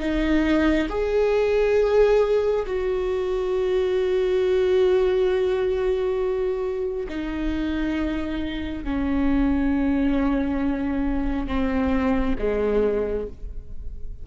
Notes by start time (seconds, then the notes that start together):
0.00 D#4
0.89 G#4
2.67 F#4
7.09 D#4
8.85 C#4
11.48 C4
12.39 G#3